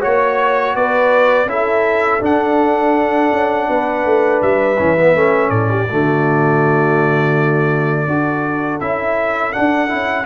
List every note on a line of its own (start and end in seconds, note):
0.00 0.75 A#3
0.00 1.47 F#4
0.00 0.73 C#5
0.00 0.76 C#5
0.75 1.45 B3
0.75 1.49 B4
0.75 1.49 D5
1.45 2.19 C#4
1.45 2.20 E4
1.45 3.69 A4
1.45 2.22 E5
2.20 4.76 D4
2.20 3.31 D4
2.20 4.42 F#5
3.32 3.69 C#4
3.69 4.05 B3
3.69 5.50 B4
4.05 4.42 A3
4.42 4.79 G3
4.42 5.50 E5
4.78 5.15 E3
4.78 4.97 C#4
4.97 5.15 B3
5.15 5.50 A3
5.15 5.88 C#4
5.50 5.86 A2
5.50 5.68 A4
5.50 8.79 D5
5.70 5.88 G4
5.89 8.07 D3
5.89 8.08 A3
5.89 8.09 F#4
8.07 8.80 D4
8.07 8.80 F#4
8.07 10.26 A4
8.80 9.54 C#4
8.80 9.53 E4
8.80 9.52 E5
9.52 9.88 D4
9.52 9.93 D4
9.52 10.26 F#5
9.88 10.26 C#4
9.88 10.24 E4